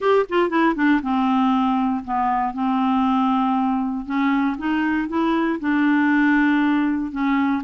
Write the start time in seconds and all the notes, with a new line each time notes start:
0.00 G4
0.29 F4
0.49 E4
0.75 D4
1.02 C4
2.04 B3
2.53 C4
4.05 C#4
4.58 D#4
5.08 E4
5.60 D4
7.11 C#4